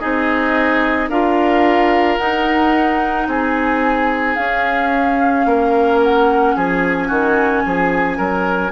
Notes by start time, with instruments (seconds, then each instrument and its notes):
0.00 bassoon C4, clarinet D#4, oboe G#4, flute D#5
1.09 bassoon D4, clarinet F4, oboe A#4, flute F5
2.18 bassoon D#4, clarinet D#4, flute F#5
3.28 bassoon C4, oboe G#4, flute G#5
4.36 bassoon C#4, clarinet C#4, flute F5
5.46 bassoon A#3, oboe A#4
6.03 flute F#5
6.56 bassoon F3, oboe G#4, flute G#5
7.08 bassoon D#3, oboe F#4
7.66 bassoon F3, oboe G#4
8.17 bassoon F#3, oboe A#4